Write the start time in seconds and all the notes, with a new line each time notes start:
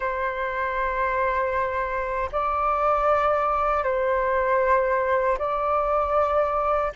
0.00 C5
2.32 D5
3.83 C5
5.38 D5